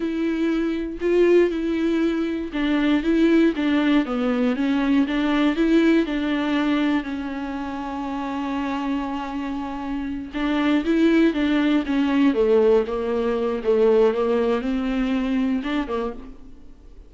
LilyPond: \new Staff \with { instrumentName = "viola" } { \time 4/4 \tempo 4 = 119 e'2 f'4 e'4~ | e'4 d'4 e'4 d'4 | b4 cis'4 d'4 e'4 | d'2 cis'2~ |
cis'1~ | cis'8 d'4 e'4 d'4 cis'8~ | cis'8 a4 ais4. a4 | ais4 c'2 d'8 ais8 | }